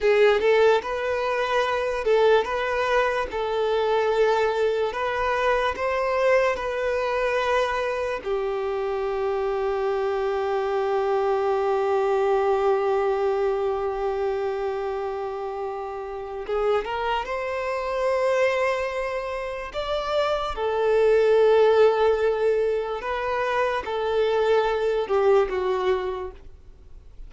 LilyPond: \new Staff \with { instrumentName = "violin" } { \time 4/4 \tempo 4 = 73 gis'8 a'8 b'4. a'8 b'4 | a'2 b'4 c''4 | b'2 g'2~ | g'1~ |
g'1 | gis'8 ais'8 c''2. | d''4 a'2. | b'4 a'4. g'8 fis'4 | }